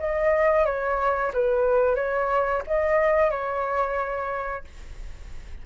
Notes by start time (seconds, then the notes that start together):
0.00 D#5
0.66 C#5
1.34 B4
1.96 C#5
2.68 D#5
3.31 C#5